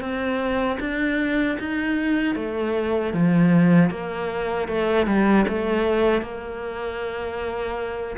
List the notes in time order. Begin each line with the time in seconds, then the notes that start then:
0.00 C4
0.80 D4
1.59 D#4
2.35 A3
3.13 F3
3.90 A#3
4.68 A3
5.06 G3
5.48 A3
6.22 A#3